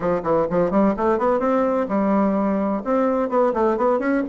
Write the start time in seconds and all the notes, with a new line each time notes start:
0.00 F3
0.23 E3
0.50 F3
0.70 G3
0.96 A3
1.18 B3
1.39 C4
1.88 G3
2.84 C4
3.29 B3
3.53 A3
3.77 B3
3.99 C#4